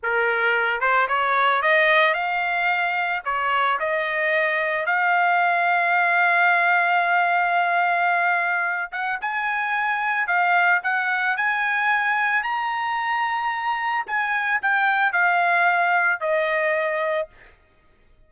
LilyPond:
\new Staff \with { instrumentName = "trumpet" } { \time 4/4 \tempo 4 = 111 ais'4. c''8 cis''4 dis''4 | f''2 cis''4 dis''4~ | dis''4 f''2.~ | f''1~ |
f''8 fis''8 gis''2 f''4 | fis''4 gis''2 ais''4~ | ais''2 gis''4 g''4 | f''2 dis''2 | }